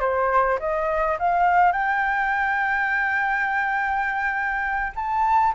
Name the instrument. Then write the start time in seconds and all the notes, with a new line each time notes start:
flute
0.00 C5
0.60 D#5
1.19 F5
1.72 G5
4.95 A5